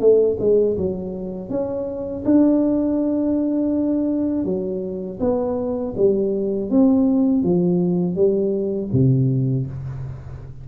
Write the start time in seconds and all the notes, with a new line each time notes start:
0.00 A3
0.39 G#3
0.77 F#3
1.49 C#4
2.25 D4
4.45 F#3
5.20 B3
5.97 G3
6.70 C4
7.43 F3
8.15 G3
8.93 C3